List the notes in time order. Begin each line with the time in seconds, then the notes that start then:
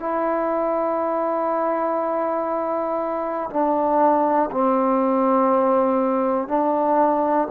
0.00 E4
3.51 D4
4.52 C4
6.49 D4